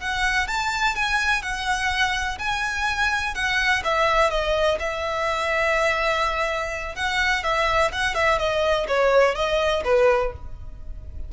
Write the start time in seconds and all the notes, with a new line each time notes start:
0.00 F#5
0.48 A5
0.95 G#5
1.42 F#5
2.38 G#5
3.34 F#5
3.84 E5
4.30 D#5
4.79 E5
6.95 F#5
7.43 E5
7.92 F#5
8.15 E5
8.38 D#5
8.88 C#5
9.35 D#5
9.84 B4